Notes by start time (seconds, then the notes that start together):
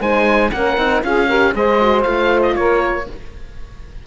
0.00 G#3 D#4 C5 G#5
0.51 A#3 C#4 A#4 F#5
0.77 C4 D#4
1.02 C#4 F4 G#4 F5
1.27 G4 A#4
1.53 G#3 G#4 C5 D#5
1.80 F#4
2.02 A3 F4 F5
2.42 D#5
2.55 A#3 A#4 C#5